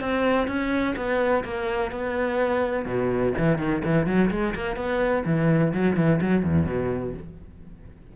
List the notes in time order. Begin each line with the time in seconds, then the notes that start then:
0.00 C4
0.47 C#4
0.96 B3
1.44 A#3
1.91 B3
2.85 B2
3.37 E3
3.58 D#3
3.84 E3
4.06 F#3
4.30 G#3
4.55 A#3
4.76 B3
5.25 E3
5.73 F#3
5.96 E3
6.21 F#3
6.43 E2
6.66 B2